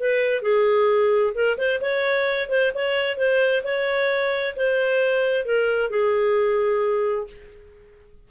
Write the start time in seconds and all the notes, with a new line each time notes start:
0.00 B4
0.42 G#4
1.34 A#4
1.58 C5
1.81 C#5
2.49 C5
2.75 C#5
3.17 C5
3.64 C#5
4.56 C5
5.45 A#4
5.90 G#4